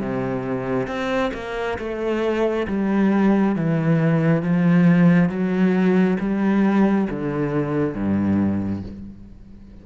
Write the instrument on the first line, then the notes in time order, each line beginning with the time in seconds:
cello
0.00 C3
0.87 C4
1.34 A#3
1.78 A3
2.68 G3
3.55 E3
4.42 F3
5.29 F#3
6.19 G3
7.09 D3
7.94 G2